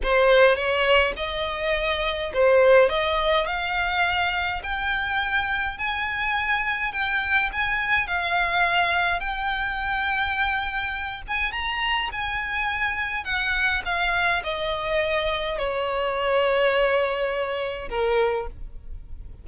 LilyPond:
\new Staff \with { instrumentName = "violin" } { \time 4/4 \tempo 4 = 104 c''4 cis''4 dis''2 | c''4 dis''4 f''2 | g''2 gis''2 | g''4 gis''4 f''2 |
g''2.~ g''8 gis''8 | ais''4 gis''2 fis''4 | f''4 dis''2 cis''4~ | cis''2. ais'4 | }